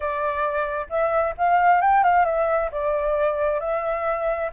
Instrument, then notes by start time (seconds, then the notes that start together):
flute
0.00 D5
0.89 E5
1.37 F5
1.81 G5
2.03 F5
2.25 E5
2.71 D5
3.60 E5